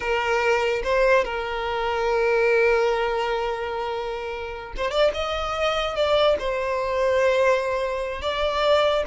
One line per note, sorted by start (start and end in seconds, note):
0.00 0.82 A#4
0.83 1.24 C5
1.24 4.73 A#4
4.77 4.90 C5
4.90 5.11 D5
5.14 5.95 D#5
5.95 6.36 D5
6.39 8.21 C5
8.21 9.03 D5